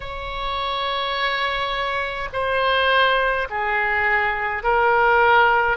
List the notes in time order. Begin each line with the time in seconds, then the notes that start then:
0.00 C#5
2.32 C5
3.50 G#4
4.63 A#4